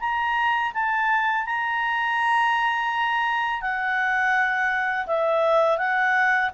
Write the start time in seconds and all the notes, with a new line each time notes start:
0.00 A#5
0.74 A5
1.46 A#5
3.61 F#5
5.06 E5
5.78 F#5